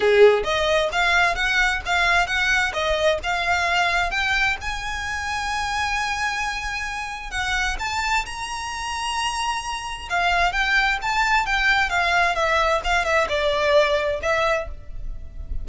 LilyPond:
\new Staff \with { instrumentName = "violin" } { \time 4/4 \tempo 4 = 131 gis'4 dis''4 f''4 fis''4 | f''4 fis''4 dis''4 f''4~ | f''4 g''4 gis''2~ | gis''1 |
fis''4 a''4 ais''2~ | ais''2 f''4 g''4 | a''4 g''4 f''4 e''4 | f''8 e''8 d''2 e''4 | }